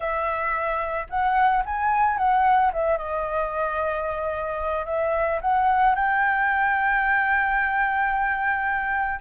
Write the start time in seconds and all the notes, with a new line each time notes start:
0.00 E5
1.09 F#5
1.65 G#5
2.17 F#5
2.72 E5
2.97 D#5
4.85 E5
5.41 F#5
5.95 G5